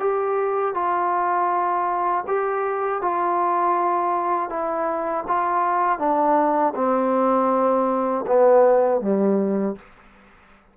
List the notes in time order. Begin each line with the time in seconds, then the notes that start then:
0.00 G4
0.75 F4
2.28 G4
3.02 F4
4.50 E4
5.28 F4
5.99 D4
6.76 C4
8.27 B3
9.01 G3